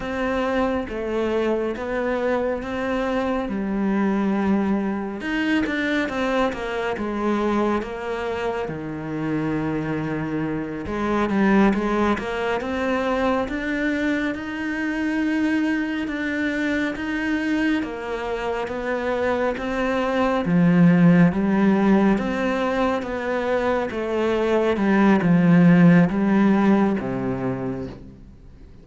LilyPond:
\new Staff \with { instrumentName = "cello" } { \time 4/4 \tempo 4 = 69 c'4 a4 b4 c'4 | g2 dis'8 d'8 c'8 ais8 | gis4 ais4 dis2~ | dis8 gis8 g8 gis8 ais8 c'4 d'8~ |
d'8 dis'2 d'4 dis'8~ | dis'8 ais4 b4 c'4 f8~ | f8 g4 c'4 b4 a8~ | a8 g8 f4 g4 c4 | }